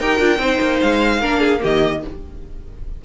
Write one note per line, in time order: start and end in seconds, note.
0.00 0.20 D#4
0.00 0.18 G4
0.00 0.40 A#4
0.00 0.81 G5
0.18 0.39 D4
0.18 0.38 F4
0.39 0.59 C4
0.39 1.21 D#4
0.39 1.21 C5
0.61 0.81 A#3
0.82 1.22 G#3
0.82 1.62 F5
1.21 1.62 A#3
1.21 1.60 D4
1.21 1.40 A#4
1.40 1.61 G#4
1.60 2.04 D#3
1.60 2.00 A#3
1.60 2.02 G4
1.60 2.05 D#5